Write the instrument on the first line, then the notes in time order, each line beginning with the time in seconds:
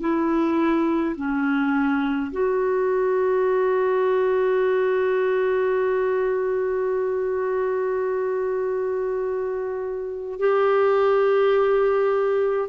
clarinet
0.00 E4
1.16 C#4
2.32 F#4
10.40 G4